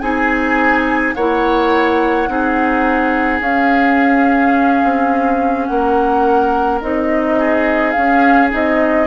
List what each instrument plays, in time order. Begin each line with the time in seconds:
0.00 bassoon C4, clarinet D#4, oboe G#4, flute G#5
1.14 bassoon A#3, clarinet E4, oboe C#5, flute F#5
2.27 bassoon C4, clarinet D#4, oboe G#4
3.40 bassoon C#4, clarinet C#4, flute F5
4.84 bassoon C4
5.66 bassoon A#3, oboe A#4, flute F#5
6.81 bassoon C4, clarinet D#4, flute D#5
7.38 oboe G#4
7.91 clarinet C#4, bassoon C#4, flute F5
8.50 bassoon C4, clarinet D#4, flute D#5